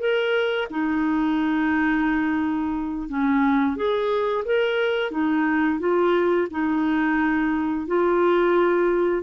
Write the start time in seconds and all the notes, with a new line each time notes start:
0.00 A#4
0.71 D#4
3.09 C#4
3.77 G#4
4.45 A#4
5.12 D#4
5.80 F4
6.51 D#4
7.87 F4